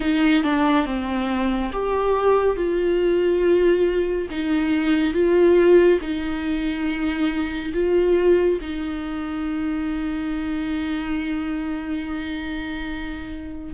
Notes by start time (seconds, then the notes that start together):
0.00 D#4
0.43 D4
0.85 C4
1.72 G4
2.56 F4
4.30 D#4
5.13 F4
6.01 D#4
7.73 F4
8.61 D#4